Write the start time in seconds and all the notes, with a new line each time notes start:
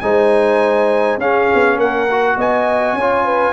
0.00 G#3 D#4 C5 G#5
1.17 C#4 G#4 F5
1.54 B3
1.77 A#3 A#4 F#5
2.11 F#4
2.37 B3 D#5 G#5
2.94 C#4 C#5
3.01 F4
3.25 B4